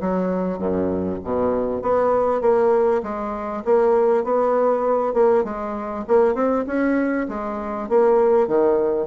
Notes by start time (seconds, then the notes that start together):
0.00 F#3
0.58 F#2
1.23 B2
1.82 B3
2.41 A#3
3.02 G#3
3.64 A#3
4.24 B3
5.13 A#3
5.44 G#3
6.07 A#3
6.34 C4
6.67 C#4
7.28 G#3
7.89 A#3
8.47 D#3